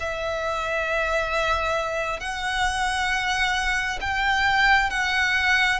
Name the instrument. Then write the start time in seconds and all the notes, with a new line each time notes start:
violin
0.00 E5
2.20 F#5
4.01 G5
4.90 F#5